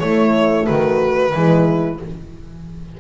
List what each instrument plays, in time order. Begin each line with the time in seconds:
0.00 saxophone A3, double bass A3, horn E4, violin C#5
0.66 double bass D#3, horn F#4, violin B4
1.32 double bass E3, saxophone G#3, horn E4